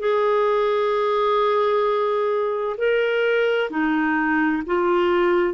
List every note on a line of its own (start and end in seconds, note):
0.00 2.77 G#4
2.78 3.70 A#4
3.71 4.63 D#4
4.67 5.54 F4